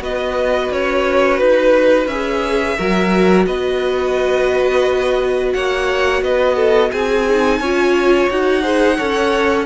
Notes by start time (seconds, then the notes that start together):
0.00 B3 F#4 B4 D#5
0.71 C#4 C#5
1.39 D#4 B4
2.06 C#4 G#4 E5
2.77 F#3 F#4 A#4
3.47 B3 B4 D#5
5.54 A#3 C#5 F#5
6.22 B3 B4 D#5
6.56 A4
6.92 C4 G#4 G#5
7.29 D#4
7.60 C#4 F4 C#5
8.30 D#4 F#4 F#5
8.63 G#4 C5
8.97 C#4 A4 C#5